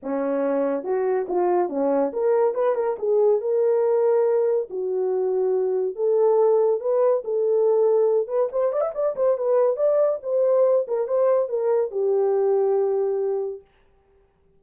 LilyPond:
\new Staff \with { instrumentName = "horn" } { \time 4/4 \tempo 4 = 141 cis'2 fis'4 f'4 | cis'4 ais'4 b'8 ais'8 gis'4 | ais'2. fis'4~ | fis'2 a'2 |
b'4 a'2~ a'8 b'8 | c''8 d''16 e''16 d''8 c''8 b'4 d''4 | c''4. ais'8 c''4 ais'4 | g'1 | }